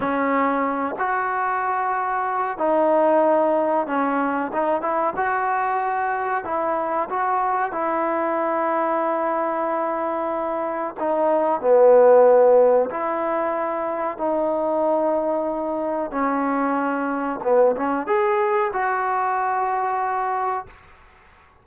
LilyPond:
\new Staff \with { instrumentName = "trombone" } { \time 4/4 \tempo 4 = 93 cis'4. fis'2~ fis'8 | dis'2 cis'4 dis'8 e'8 | fis'2 e'4 fis'4 | e'1~ |
e'4 dis'4 b2 | e'2 dis'2~ | dis'4 cis'2 b8 cis'8 | gis'4 fis'2. | }